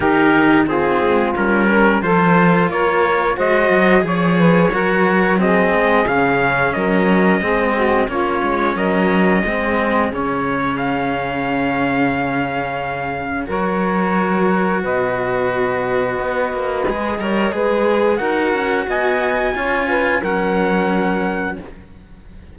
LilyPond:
<<
  \new Staff \with { instrumentName = "trumpet" } { \time 4/4 \tempo 4 = 89 ais'4 gis'4 ais'4 c''4 | cis''4 dis''4 cis''2 | dis''4 f''4 dis''2 | cis''4 dis''2 cis''4 |
f''1 | cis''2 dis''2~ | dis''2. fis''4 | gis''2 fis''2 | }
  \new Staff \with { instrumentName = "saxophone" } { \time 4/4 g'4 f'4. ais'8 a'4 | ais'4 c''4 cis''8 b'8 ais'4 | gis'2 ais'4 gis'8 fis'8 | f'4 ais'4 gis'2~ |
gis'1 | ais'2 b'2~ | b'4. cis''8 b'4 ais'4 | dis''4 cis''8 b'8 ais'2 | }
  \new Staff \with { instrumentName = "cello" } { \time 4/4 dis'4 c'4 cis'4 f'4~ | f'4 fis'4 gis'4 fis'4 | c'4 cis'2 c'4 | cis'2 c'4 cis'4~ |
cis'1 | fis'1~ | fis'4 gis'8 ais'8 gis'4 fis'4~ | fis'4 f'4 cis'2 | }
  \new Staff \with { instrumentName = "cello" } { \time 4/4 dis4. gis8 g4 f4 | ais4 gis8 fis8 f4 fis4~ | fis8 gis8 cis4 fis4 gis4 | ais8 gis8 fis4 gis4 cis4~ |
cis1 | fis2 b,2 | b8 ais8 gis8 g8 gis4 dis'8 cis'8 | b4 cis'4 fis2 | }
>>